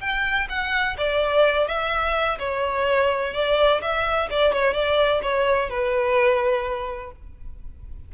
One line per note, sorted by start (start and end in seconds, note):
0.00 0.47 G5
0.49 0.96 F#5
0.97 1.67 D5
1.67 2.38 E5
2.39 3.33 C#5
3.33 3.81 D5
3.81 4.28 E5
4.30 4.53 D5
4.53 4.73 C#5
4.73 5.21 D5
5.22 5.69 C#5
5.70 7.11 B4